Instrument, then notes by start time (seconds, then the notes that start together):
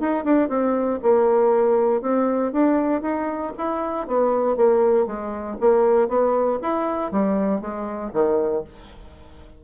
bassoon
0.00 D#4
0.24 D4
0.49 C4
1.02 A#3
2.02 C4
2.52 D4
3.02 D#4
3.58 E4
4.07 B3
4.56 A#3
5.06 G#3
5.60 A#3
6.09 B3
6.62 E4
7.11 G3
7.61 G#3
8.13 D#3